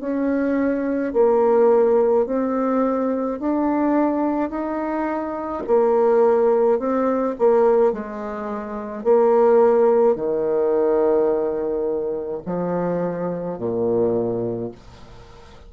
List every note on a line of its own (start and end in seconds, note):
0.00 1.13 C#4
1.13 2.26 A#3
2.26 3.39 C4
3.39 4.50 D4
4.50 5.63 D#4
5.67 6.79 A#3
6.79 7.35 C4
7.38 7.92 A#3
7.92 9.04 G#3
9.04 10.15 A#3
10.15 12.42 D#3
12.45 13.58 F3
13.58 14.71 A#2